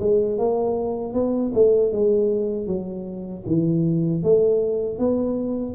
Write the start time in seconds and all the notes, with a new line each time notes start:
0.00 G#3
0.38 A#3
1.14 B3
1.55 A3
1.93 G#3
2.67 F#3
3.47 E3
4.23 A3
4.99 B3